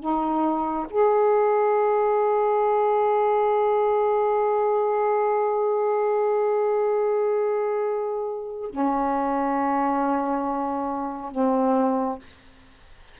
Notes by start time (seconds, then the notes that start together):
0.00 D#4
0.90 G#4
8.70 C#4
11.32 C4